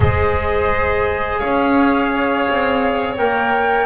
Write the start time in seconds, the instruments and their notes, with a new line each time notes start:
0.00 double bass G#3, trombone G#4, violin C5, flute D#5
1.38 double bass C#4, violin C#5, flute F5
2.49 double bass C4
3.17 double bass A#3, trombone A#4, flute G5